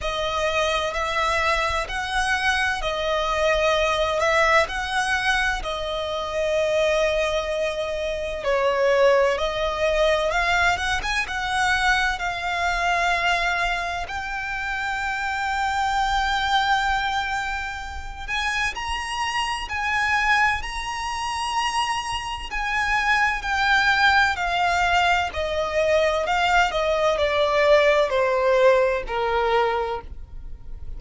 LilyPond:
\new Staff \with { instrumentName = "violin" } { \time 4/4 \tempo 4 = 64 dis''4 e''4 fis''4 dis''4~ | dis''8 e''8 fis''4 dis''2~ | dis''4 cis''4 dis''4 f''8 fis''16 gis''16 | fis''4 f''2 g''4~ |
g''2.~ g''8 gis''8 | ais''4 gis''4 ais''2 | gis''4 g''4 f''4 dis''4 | f''8 dis''8 d''4 c''4 ais'4 | }